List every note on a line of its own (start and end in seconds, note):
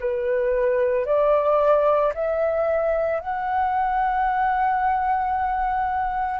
0.00 1.05 B4
1.05 2.12 D5
2.14 3.19 E5
3.19 6.40 F#5